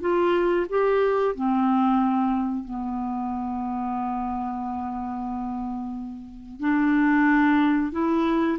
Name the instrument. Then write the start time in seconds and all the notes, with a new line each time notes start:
clarinet
0.00 F4
0.69 G4
1.35 C4
2.64 B3
6.60 D4
7.92 E4